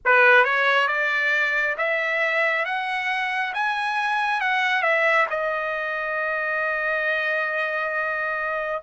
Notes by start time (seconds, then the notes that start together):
0.05 B4
0.44 C#5
0.87 D5
1.77 E5
2.65 F#5
3.53 G#5
4.40 F#5
4.82 E5
5.29 D#5